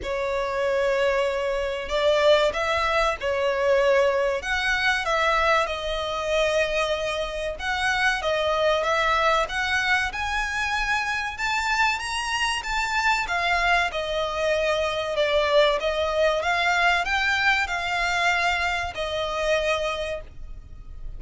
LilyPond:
\new Staff \with { instrumentName = "violin" } { \time 4/4 \tempo 4 = 95 cis''2. d''4 | e''4 cis''2 fis''4 | e''4 dis''2. | fis''4 dis''4 e''4 fis''4 |
gis''2 a''4 ais''4 | a''4 f''4 dis''2 | d''4 dis''4 f''4 g''4 | f''2 dis''2 | }